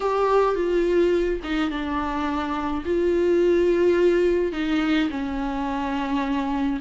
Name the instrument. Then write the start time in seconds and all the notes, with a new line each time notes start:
viola
0.00 G4
0.55 F4
1.43 D#4
1.70 D4
2.85 F4
4.52 D#4
5.09 C#4